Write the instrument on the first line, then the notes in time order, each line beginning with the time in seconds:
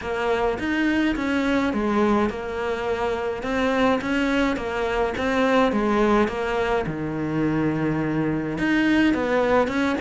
cello
0.01 A#3
0.58 D#4
1.16 C#4
1.73 G#3
2.29 A#3
3.42 C4
4.01 C#4
4.56 A#3
5.17 C4
5.72 G#3
6.28 A#3
6.86 D#3
8.57 D#4
9.14 B3
9.67 C#4